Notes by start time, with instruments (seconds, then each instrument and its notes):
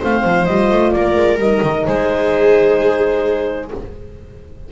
0.00 double bass A3, horn C4, viola C5, clarinet F5
0.24 double bass F3
0.46 double bass G3, horn F4, clarinet D#5
0.71 double bass A3
0.92 double bass A#3, viola A#4, clarinet D5
1.16 double bass G#3
1.38 double bass G3, horn D#4, clarinet D#5
1.63 double bass D#3
1.86 double bass G#3, viola G#4, clarinet C5